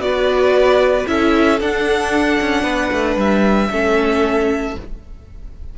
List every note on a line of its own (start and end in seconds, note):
0.00 1.05 B3
0.00 1.06 F#4
0.00 1.09 B4
0.00 1.06 D5
1.06 1.60 C#4
1.06 1.59 E4
1.06 2.63 A4
1.06 1.60 E5
1.60 2.39 D4
1.60 3.71 D4
1.60 3.19 F#5
2.40 2.63 C#4
2.63 2.90 B3
2.63 3.68 B4
2.92 3.16 A3
3.16 3.69 G3
3.16 4.78 E5
3.70 4.76 A3
3.70 4.77 C#4
3.70 4.76 A4